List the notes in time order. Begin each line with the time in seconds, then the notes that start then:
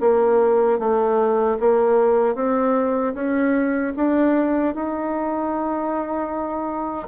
0.00 A#3
0.79 A3
1.60 A#3
2.35 C4
3.14 C#4
3.96 D4
4.74 D#4